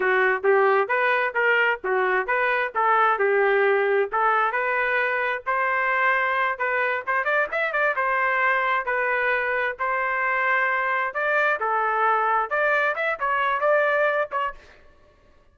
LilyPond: \new Staff \with { instrumentName = "trumpet" } { \time 4/4 \tempo 4 = 132 fis'4 g'4 b'4 ais'4 | fis'4 b'4 a'4 g'4~ | g'4 a'4 b'2 | c''2~ c''8 b'4 c''8 |
d''8 e''8 d''8 c''2 b'8~ | b'4. c''2~ c''8~ | c''8 d''4 a'2 d''8~ | d''8 e''8 cis''4 d''4. cis''8 | }